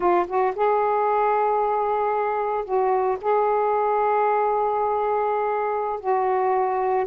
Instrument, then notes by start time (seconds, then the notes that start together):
saxophone
0.00 F4
0.27 F#4
0.55 G#4
2.64 F#4
3.21 G#4
6.00 F#4